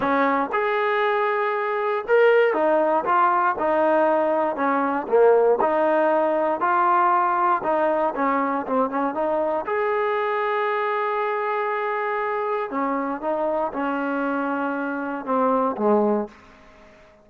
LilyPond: \new Staff \with { instrumentName = "trombone" } { \time 4/4 \tempo 4 = 118 cis'4 gis'2. | ais'4 dis'4 f'4 dis'4~ | dis'4 cis'4 ais4 dis'4~ | dis'4 f'2 dis'4 |
cis'4 c'8 cis'8 dis'4 gis'4~ | gis'1~ | gis'4 cis'4 dis'4 cis'4~ | cis'2 c'4 gis4 | }